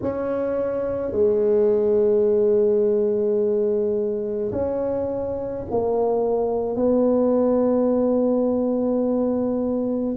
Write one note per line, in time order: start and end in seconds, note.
0.02 1.11 C#4
1.11 4.51 G#3
4.52 5.65 C#4
5.70 6.76 A#3
6.76 10.15 B3